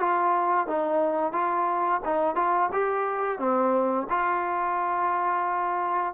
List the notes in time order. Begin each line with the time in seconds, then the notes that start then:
0.00 F4
0.68 D#4
1.33 F4
2.05 D#4
2.36 F4
2.73 G4
3.39 C4
4.10 F4